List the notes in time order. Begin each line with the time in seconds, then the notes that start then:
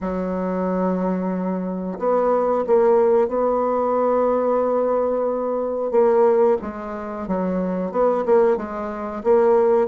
0.00 F#3
1.98 B3
2.66 A#3
3.28 B3
5.91 A#3
6.61 G#3
7.27 F#3
7.91 B3
8.25 A#3
8.57 G#3
9.23 A#3